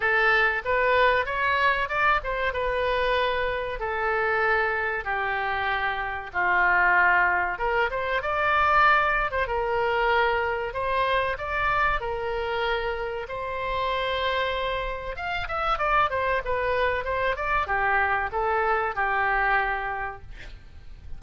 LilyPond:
\new Staff \with { instrumentName = "oboe" } { \time 4/4 \tempo 4 = 95 a'4 b'4 cis''4 d''8 c''8 | b'2 a'2 | g'2 f'2 | ais'8 c''8 d''4.~ d''16 c''16 ais'4~ |
ais'4 c''4 d''4 ais'4~ | ais'4 c''2. | f''8 e''8 d''8 c''8 b'4 c''8 d''8 | g'4 a'4 g'2 | }